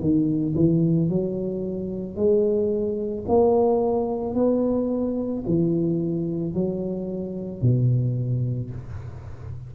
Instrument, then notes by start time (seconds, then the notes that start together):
tuba
0.00 D#3
0.55 E3
1.09 F#3
2.16 G#3
3.28 A#3
4.34 B3
5.47 E3
6.54 F#3
7.62 B2